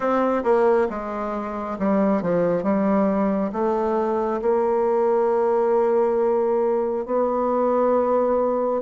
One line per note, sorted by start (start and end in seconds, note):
0.00 0.43 C4
0.43 0.87 A#3
0.89 1.78 G#3
1.78 2.22 G3
2.22 2.63 F3
2.63 3.51 G3
3.52 4.40 A3
4.41 7.05 A#3
7.05 8.82 B3